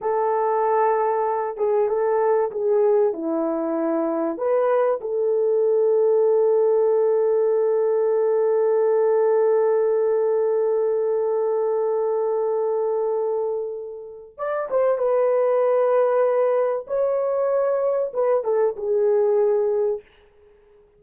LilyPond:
\new Staff \with { instrumentName = "horn" } { \time 4/4 \tempo 4 = 96 a'2~ a'8 gis'8 a'4 | gis'4 e'2 b'4 | a'1~ | a'1~ |
a'1~ | a'2. d''8 c''8 | b'2. cis''4~ | cis''4 b'8 a'8 gis'2 | }